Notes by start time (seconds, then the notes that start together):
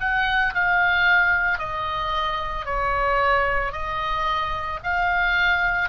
0.00 F#5
0.54 F5
1.58 D#5
2.65 C#5
3.72 D#5
4.83 F5